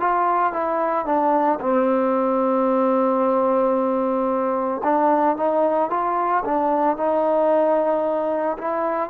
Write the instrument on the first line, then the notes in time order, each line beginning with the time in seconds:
trombone
0.00 F4
0.53 E4
1.06 D4
1.60 C4
4.84 D4
5.36 D#4
5.90 F4
6.45 D4
6.97 D#4
8.58 E4